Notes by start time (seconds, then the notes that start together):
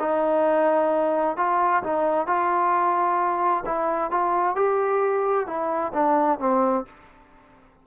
0.00 D#4
1.37 F4
1.84 D#4
2.27 F4
3.66 E4
4.11 F4
4.56 G4
5.47 E4
5.94 D4
6.40 C4